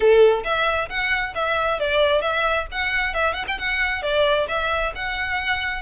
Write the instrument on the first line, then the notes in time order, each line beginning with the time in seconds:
violin
0.00 A4
0.44 E5
0.89 F#5
1.34 E5
1.79 D5
2.21 E5
2.71 F#5
3.14 E5
3.33 F#5
3.47 G5
3.58 F#5
4.02 D5
4.48 E5
4.95 F#5